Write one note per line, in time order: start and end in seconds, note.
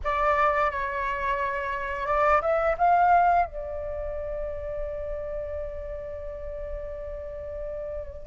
0.03 0.71 D5
0.71 2.06 C#5
2.06 2.41 D5
2.41 2.76 E5
2.77 3.45 F5
3.45 8.26 D5